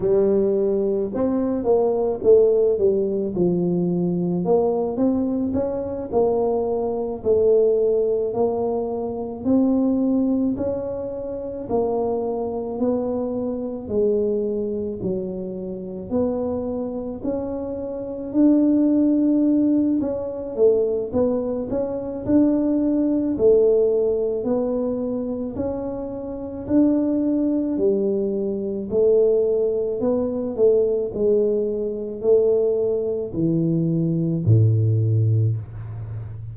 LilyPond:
\new Staff \with { instrumentName = "tuba" } { \time 4/4 \tempo 4 = 54 g4 c'8 ais8 a8 g8 f4 | ais8 c'8 cis'8 ais4 a4 ais8~ | ais8 c'4 cis'4 ais4 b8~ | b8 gis4 fis4 b4 cis'8~ |
cis'8 d'4. cis'8 a8 b8 cis'8 | d'4 a4 b4 cis'4 | d'4 g4 a4 b8 a8 | gis4 a4 e4 a,4 | }